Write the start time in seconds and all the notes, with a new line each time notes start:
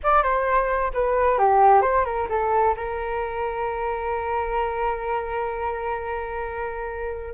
0.03 D5
0.22 C5
0.93 B4
1.38 G4
1.81 C5
2.05 A#4
2.29 A4
2.76 A#4